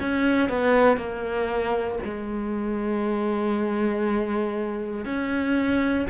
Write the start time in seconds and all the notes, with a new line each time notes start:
0.00 C#4
0.49 B3
0.97 A#3
2.04 G#3
5.05 C#4